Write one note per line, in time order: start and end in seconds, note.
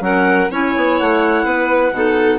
0.00 0.48 F#3
0.00 0.48 C#4
0.00 0.51 A#4
0.00 0.51 F#5
0.51 0.74 C#4
0.51 1.94 E4
0.51 1.45 C#5
0.51 0.99 G#5
0.76 1.00 B3
0.99 1.44 A3
0.99 2.39 F#5
1.44 1.91 B3
1.44 1.93 B4
1.91 2.39 B2
1.91 2.39 D#4
1.91 2.39 A4